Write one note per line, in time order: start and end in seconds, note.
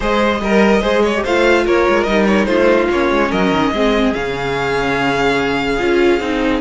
0.00 0.40 G#3
0.00 0.39 G#4
0.00 0.41 C5
0.00 1.25 D#5
0.40 0.81 G3
0.40 0.81 A#4
0.81 1.24 G#3
0.81 1.12 G#4
0.81 1.02 C5
1.03 1.23 C#5
1.16 1.26 G4
1.23 1.66 A3
1.23 2.07 F4
1.23 1.64 C5
1.23 1.66 F5
1.65 1.87 A#3
1.65 2.47 A#4
1.65 2.03 C#5
1.88 2.07 G#3
2.03 2.46 G3
2.03 2.90 D#4
2.03 2.24 D#5
2.27 2.45 C#5
2.45 2.88 A3
2.45 3.29 F4
2.45 2.86 C5
2.90 3.10 A#3
2.90 3.74 C#4
2.90 3.31 C#5
3.10 3.31 G#3
3.29 3.51 F#3
3.29 3.70 A#4
3.29 4.13 D#5
3.51 3.72 D#3
3.72 4.13 G#3
3.72 4.13 C4
3.72 6.61 G#4
4.13 5.80 C#3
4.13 5.78 C#4
4.13 6.61 F5
5.78 6.20 C#4
5.78 6.19 F4
6.20 6.61 C4
6.20 6.61 D#4